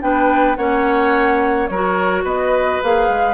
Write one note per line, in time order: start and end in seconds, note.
0.00 0.57 B3
0.00 0.56 D4
0.00 0.57 B4
0.00 0.56 G5
0.56 1.69 A#3
0.56 1.70 C#4
0.56 1.69 C#5
0.56 1.67 F#5
1.67 2.23 F#3
1.67 2.23 A#4
1.67 2.23 C#5
1.73 2.82 F#4
2.23 2.79 B3
2.23 3.33 B4
2.23 2.82 D#5
2.82 3.09 A#3
2.82 3.33 G#4
2.82 3.33 F5
3.09 3.33 G#3